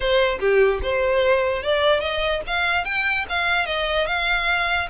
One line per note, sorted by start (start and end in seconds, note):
0.00 0.39 C5
0.39 0.80 G4
0.82 1.63 C5
1.63 2.00 D5
2.00 2.41 D#5
2.46 2.84 F5
2.84 3.25 G5
3.29 3.65 F5
3.65 4.06 D#5
4.06 4.88 F5